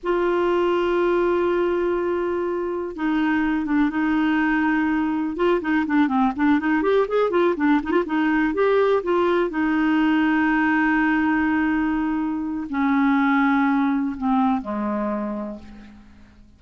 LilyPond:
\new Staff \with { instrumentName = "clarinet" } { \time 4/4 \tempo 4 = 123 f'1~ | f'2 dis'4. d'8 | dis'2. f'8 dis'8 | d'8 c'8 d'8 dis'8 g'8 gis'8 f'8 d'8 |
dis'16 f'16 dis'4 g'4 f'4 dis'8~ | dis'1~ | dis'2 cis'2~ | cis'4 c'4 gis2 | }